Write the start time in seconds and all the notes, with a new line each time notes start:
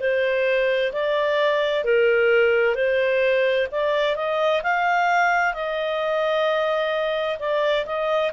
0.00 C5
0.93 D5
1.84 A#4
2.75 C5
3.72 D5
4.16 D#5
4.63 F5
5.54 D#5
7.39 D5
7.86 D#5